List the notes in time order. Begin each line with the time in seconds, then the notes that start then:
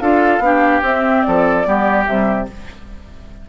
0.00 D4 F4 A4 F5
0.40 B3 D4 G4
0.83 C4 E5
1.23 F3 A4 D5
1.65 G3 B3 G4
2.07 C3 G3 E5